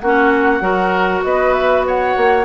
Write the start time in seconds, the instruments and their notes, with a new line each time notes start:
0.00 bassoon A#3, clarinet C#4, oboe F#4, flute F#5
0.60 bassoon F#3, clarinet F#4, oboe A#4
1.24 bassoon B3, oboe B4, flute D#5
1.53 flute E5
1.86 oboe C#5, flute F#5
2.17 bassoon A#3